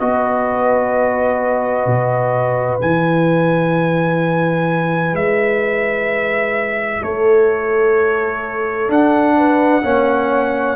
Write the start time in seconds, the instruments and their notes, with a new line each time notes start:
0.00 tuba B3, trombone F#4, horn B4, trumpet D#5
1.86 tuba B2
2.81 tuba E3, trombone E4, trumpet G#5
5.13 tuba G#3, trumpet E5
7.02 tuba A3, horn A4, trumpet C#5
8.89 trombone D4, tuba D4, trumpet F#5
9.37 horn B4
9.83 tuba A#3, trombone C#4, horn C#5